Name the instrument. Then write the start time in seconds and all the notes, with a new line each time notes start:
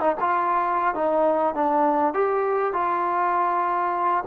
trombone
0.00 D#4
0.20 F4
0.94 D#4
1.54 D4
2.13 G4
2.72 F4